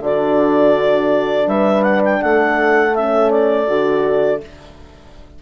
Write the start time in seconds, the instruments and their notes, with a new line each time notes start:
0.00 bassoon D3, horn D4 F#4, clarinet D5
1.46 bassoon G3, horn B4, clarinet E5
1.82 clarinet F#5
2.05 clarinet G5
2.22 bassoon A3, horn A4, clarinet F#5
2.95 horn C#4, clarinet E5
3.31 clarinet D5
3.67 bassoon D3, horn F#4